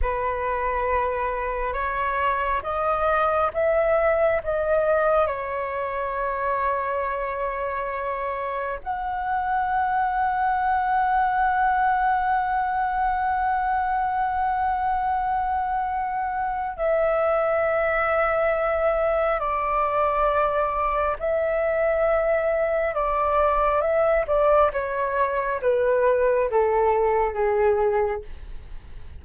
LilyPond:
\new Staff \with { instrumentName = "flute" } { \time 4/4 \tempo 4 = 68 b'2 cis''4 dis''4 | e''4 dis''4 cis''2~ | cis''2 fis''2~ | fis''1~ |
fis''2. e''4~ | e''2 d''2 | e''2 d''4 e''8 d''8 | cis''4 b'4 a'4 gis'4 | }